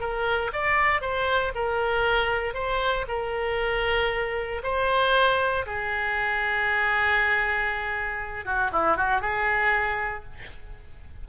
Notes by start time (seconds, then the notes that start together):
0.00 A#4
0.53 D5
1.01 C5
1.55 A#4
2.54 C5
3.08 A#4
4.63 C5
5.66 G#4
8.45 F#4
8.72 E4
8.97 F#4
9.21 G#4